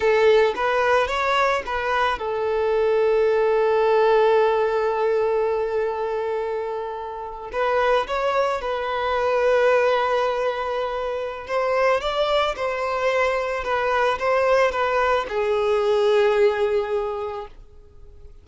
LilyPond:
\new Staff \with { instrumentName = "violin" } { \time 4/4 \tempo 4 = 110 a'4 b'4 cis''4 b'4 | a'1~ | a'1~ | a'4.~ a'16 b'4 cis''4 b'16~ |
b'1~ | b'4 c''4 d''4 c''4~ | c''4 b'4 c''4 b'4 | gis'1 | }